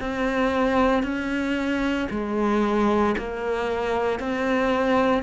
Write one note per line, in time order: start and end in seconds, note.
0.00 1.03 C4
1.03 2.08 C#4
2.10 3.15 G#3
3.18 4.19 A#3
4.19 5.23 C4